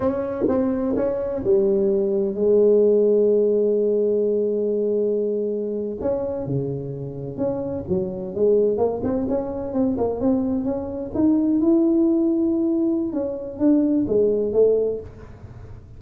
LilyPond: \new Staff \with { instrumentName = "tuba" } { \time 4/4 \tempo 4 = 128 cis'4 c'4 cis'4 g4~ | g4 gis2.~ | gis1~ | gis8. cis'4 cis2 cis'16~ |
cis'8. fis4 gis4 ais8 c'8 cis'16~ | cis'8. c'8 ais8 c'4 cis'4 dis'16~ | dis'8. e'2.~ e'16 | cis'4 d'4 gis4 a4 | }